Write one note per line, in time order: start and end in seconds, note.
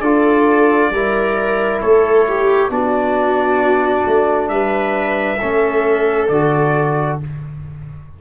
0.00 0.90 D4
0.00 0.93 F4
0.00 0.91 A4
0.00 1.79 D5
0.90 1.80 G3
0.90 2.69 E4
0.90 1.82 A#4
1.81 2.69 A3
1.81 2.27 A4
1.81 2.70 C#5
2.28 2.71 G4
2.69 4.04 B3
2.69 5.38 D4
2.69 4.50 F#4
2.69 4.49 D5
4.07 4.49 A3
4.49 5.39 G3
4.49 5.40 B4
4.49 6.28 E5
5.40 6.29 A3
5.40 6.31 C#4
5.40 7.19 A4
6.28 7.19 D3
6.28 7.21 F#4
6.28 7.18 D5